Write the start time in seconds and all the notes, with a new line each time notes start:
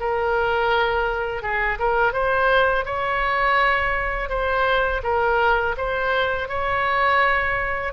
0.00 A#4
1.42 G#4
1.79 A#4
2.13 C5
2.85 C#5
4.29 C5
5.03 A#4
5.78 C5
6.49 C#5